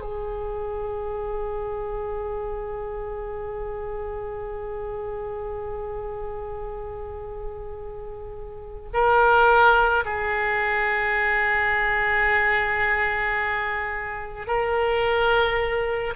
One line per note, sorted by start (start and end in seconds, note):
0.00 8.89 G#4
8.93 10.04 A#4
10.05 14.47 G#4
14.47 16.14 A#4